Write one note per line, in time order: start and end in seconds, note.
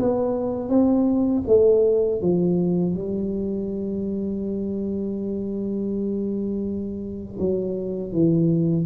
0.00 0.69 B3
0.69 1.43 C4
1.47 2.22 A3
2.22 2.95 F3
2.95 7.39 G3
7.39 8.13 F#3
8.13 8.86 E3